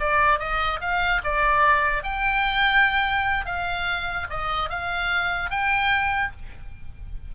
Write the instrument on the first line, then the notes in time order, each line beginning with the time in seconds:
oboe
0.00 D5
0.40 D#5
0.81 F5
1.24 D5
2.04 G5
3.46 F5
4.30 D#5
4.70 F5
5.51 G5